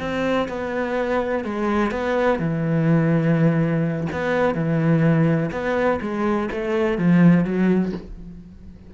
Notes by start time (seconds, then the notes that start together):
0.00 C4
0.49 B3
1.45 G#3
1.92 B3
2.40 E3
4.12 B3
4.55 E3
5.52 B3
6.01 G#3
6.52 A3
6.98 F3
7.45 F#3